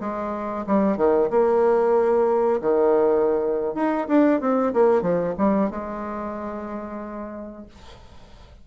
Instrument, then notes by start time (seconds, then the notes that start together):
bassoon
0.00 G#3
0.67 G3
0.97 D#3
1.30 A#3
2.61 D#3
3.75 D#4
4.08 D4
4.41 C4
4.73 A#3
5.02 F3
5.38 G3
5.70 G#3